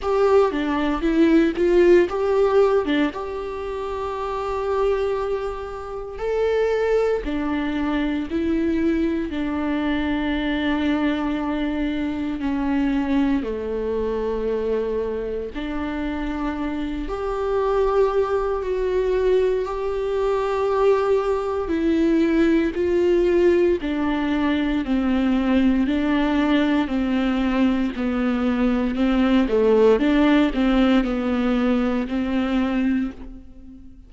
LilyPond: \new Staff \with { instrumentName = "viola" } { \time 4/4 \tempo 4 = 58 g'8 d'8 e'8 f'8 g'8. d'16 g'4~ | g'2 a'4 d'4 | e'4 d'2. | cis'4 a2 d'4~ |
d'8 g'4. fis'4 g'4~ | g'4 e'4 f'4 d'4 | c'4 d'4 c'4 b4 | c'8 a8 d'8 c'8 b4 c'4 | }